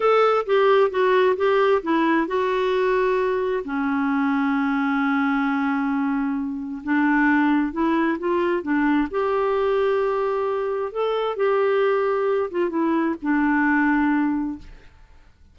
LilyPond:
\new Staff \with { instrumentName = "clarinet" } { \time 4/4 \tempo 4 = 132 a'4 g'4 fis'4 g'4 | e'4 fis'2. | cis'1~ | cis'2. d'4~ |
d'4 e'4 f'4 d'4 | g'1 | a'4 g'2~ g'8 f'8 | e'4 d'2. | }